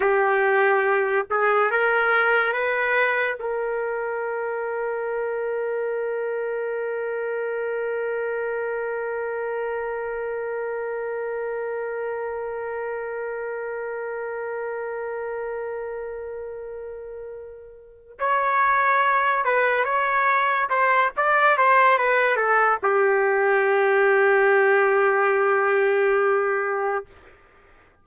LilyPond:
\new Staff \with { instrumentName = "trumpet" } { \time 4/4 \tempo 4 = 71 g'4. gis'8 ais'4 b'4 | ais'1~ | ais'1~ | ais'1~ |
ais'1~ | ais'4. cis''4. b'8 cis''8~ | cis''8 c''8 d''8 c''8 b'8 a'8 g'4~ | g'1 | }